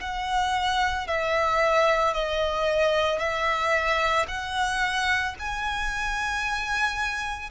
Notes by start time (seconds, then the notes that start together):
0.00 F#5
1.07 E5
2.13 D#5
3.19 E5
4.28 F#5
5.39 G#5